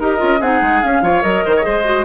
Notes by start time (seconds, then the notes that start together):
0.00 D#4 G4 A#4 D#5
0.19 C#4 F4
0.41 C4 D#4 G#4 F#5
0.62 G#3
0.83 C#4 F5
1.03 F3 F4 C#5
1.22 F#3 A#4 D#5
1.46 D#3 C5
1.57 G#4 C#5
1.65 G#3 C5
1.85 F#4